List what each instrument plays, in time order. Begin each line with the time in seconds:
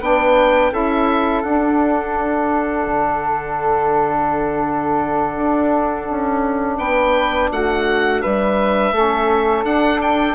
0.00 bassoon B3, saxophone D4, flute B4, oboe G5
0.71 bassoon C#4, saxophone E4, flute A4, oboe E5
1.42 bassoon D4, saxophone D4, oboe F#5
2.86 bassoon D3
5.36 bassoon D4
6.10 bassoon C#4
6.78 bassoon B3, flute B4, oboe G5
7.51 bassoon A3, flute F#4, oboe F#5
8.21 bassoon G3, flute B4, oboe E5
8.92 bassoon A3, saxophone C#4, flute A4
9.63 bassoon D4, saxophone D4, oboe F#5
10.01 oboe G5